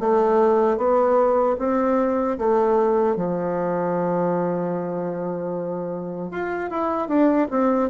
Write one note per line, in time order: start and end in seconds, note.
0.00 0.78 A3
0.78 1.56 B3
1.59 2.38 C4
2.38 3.17 A3
3.17 6.32 F3
6.32 6.71 F4
6.71 7.08 E4
7.08 7.48 D4
7.51 7.90 C4